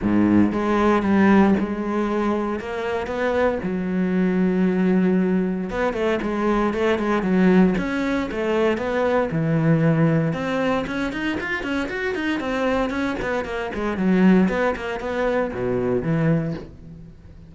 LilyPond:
\new Staff \with { instrumentName = "cello" } { \time 4/4 \tempo 4 = 116 gis,4 gis4 g4 gis4~ | gis4 ais4 b4 fis4~ | fis2. b8 a8 | gis4 a8 gis8 fis4 cis'4 |
a4 b4 e2 | c'4 cis'8 dis'8 f'8 cis'8 fis'8 dis'8 | c'4 cis'8 b8 ais8 gis8 fis4 | b8 ais8 b4 b,4 e4 | }